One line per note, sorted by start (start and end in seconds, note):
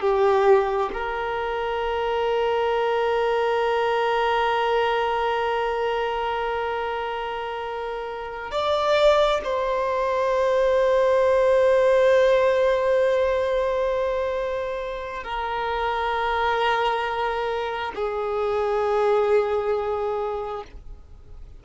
0.00 0.90 G4
0.93 8.51 A#4
8.51 9.40 D5
9.44 15.23 C5
15.23 17.92 A#4
17.95 20.63 G#4